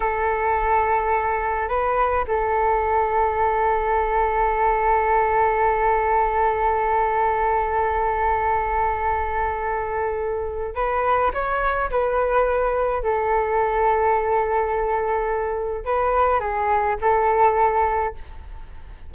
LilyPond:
\new Staff \with { instrumentName = "flute" } { \time 4/4 \tempo 4 = 106 a'2. b'4 | a'1~ | a'1~ | a'1~ |
a'2. b'4 | cis''4 b'2 a'4~ | a'1 | b'4 gis'4 a'2 | }